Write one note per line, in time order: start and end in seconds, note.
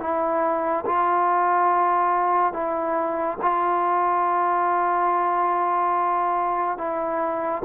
0.00 0.85 E4
0.86 2.53 F4
2.53 3.38 E4
3.42 6.78 F4
6.78 7.62 E4